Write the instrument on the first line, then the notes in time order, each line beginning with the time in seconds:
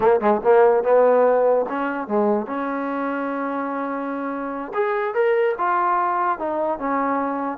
trombone
0.00 A#3
0.20 G#3
0.43 A#3
0.83 B3
1.68 C#4
2.07 G#3
2.46 C#4
4.74 G#4
5.14 A#4
5.58 F4
6.38 D#4
6.78 C#4